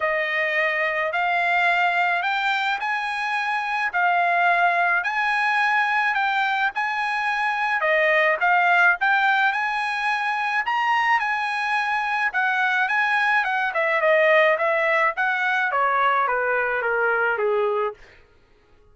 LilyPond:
\new Staff \with { instrumentName = "trumpet" } { \time 4/4 \tempo 4 = 107 dis''2 f''2 | g''4 gis''2 f''4~ | f''4 gis''2 g''4 | gis''2 dis''4 f''4 |
g''4 gis''2 ais''4 | gis''2 fis''4 gis''4 | fis''8 e''8 dis''4 e''4 fis''4 | cis''4 b'4 ais'4 gis'4 | }